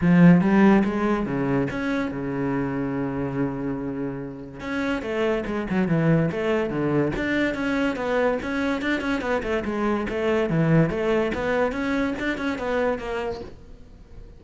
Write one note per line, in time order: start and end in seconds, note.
0.01 0.41 F3
0.41 0.83 G3
0.84 1.26 G#3
1.26 1.68 C#3
1.70 2.11 C#4
2.11 4.60 C#3
4.60 5.02 C#4
5.02 5.44 A3
5.46 5.67 G#3
5.70 5.88 F#3
5.88 6.30 E3
6.31 6.70 A3
6.70 7.12 D3
7.16 7.54 D4
7.54 7.96 C#4
7.96 8.38 B3
8.42 8.81 C#4
8.81 9.00 D4
9.00 9.21 C#4
9.21 9.42 B3
9.42 9.63 A3
9.64 10.06 G#3
10.09 10.49 A3
10.49 10.89 E3
10.89 11.31 A3
11.34 11.72 B3
11.72 12.14 C#4
12.19 12.37 D4
12.37 12.58 C#4
12.58 12.98 B3
12.98 13.40 A#3